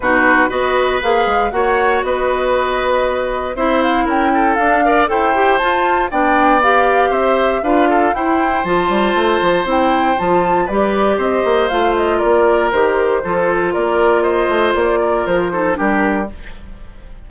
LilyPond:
<<
  \new Staff \with { instrumentName = "flute" } { \time 4/4 \tempo 4 = 118 b'4 dis''4 f''4 fis''4 | dis''2. e''8 f''8 | g''4 f''4 g''4 a''4 | g''4 f''4 e''4 f''4 |
g''4 a''2 g''4 | a''4 d''4 dis''4 f''8 dis''8 | d''4 c''2 d''4 | dis''4 d''4 c''4 ais'4 | }
  \new Staff \with { instrumentName = "oboe" } { \time 4/4 fis'4 b'2 cis''4 | b'2. c''4 | ais'8 a'4 d''8 c''2 | d''2 c''4 b'8 a'8 |
c''1~ | c''4 b'4 c''2 | ais'2 a'4 ais'4 | c''4. ais'4 a'8 g'4 | }
  \new Staff \with { instrumentName = "clarinet" } { \time 4/4 dis'4 fis'4 gis'4 fis'4~ | fis'2. e'4~ | e'4 d'8 ais'8 a'8 g'8 f'4 | d'4 g'2 f'4 |
e'4 f'2 e'4 | f'4 g'2 f'4~ | f'4 g'4 f'2~ | f'2~ f'8 dis'8 d'4 | }
  \new Staff \with { instrumentName = "bassoon" } { \time 4/4 b,4 b4 ais8 gis8 ais4 | b2. c'4 | cis'4 d'4 e'4 f'4 | b2 c'4 d'4 |
e'4 f8 g8 a8 f8 c'4 | f4 g4 c'8 ais8 a4 | ais4 dis4 f4 ais4~ | ais8 a8 ais4 f4 g4 | }
>>